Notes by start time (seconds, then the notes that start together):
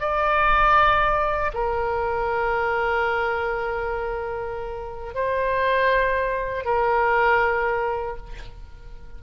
0.00 D5
1.54 A#4
5.14 C5
6.65 A#4